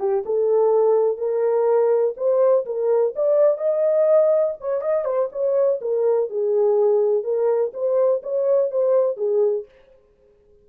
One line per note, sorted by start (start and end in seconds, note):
0.00 0.24 G4
0.26 1.18 A4
1.18 2.15 A#4
2.18 2.66 C5
2.66 3.15 A#4
3.16 3.58 D5
3.58 4.55 D#5
4.61 4.82 C#5
4.82 5.05 D#5
5.05 5.29 C5
5.32 5.81 C#5
5.82 6.30 A#4
6.30 7.24 G#4
7.24 7.72 A#4
7.74 8.23 C5
8.23 8.72 C#5
8.72 9.17 C5
9.17 9.66 G#4